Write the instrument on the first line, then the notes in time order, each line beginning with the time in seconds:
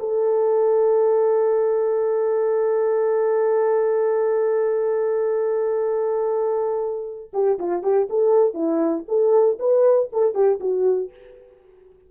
horn
0.00 A4
7.34 G4
7.59 F4
7.83 G4
8.10 A4
8.54 E4
9.08 A4
9.59 B4
10.13 A4
10.35 G4
10.60 F#4